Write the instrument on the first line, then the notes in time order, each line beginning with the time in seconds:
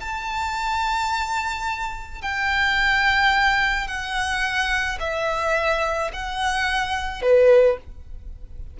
violin
0.00 A5
2.21 G5
3.87 F#5
4.99 E5
6.13 F#5
7.22 B4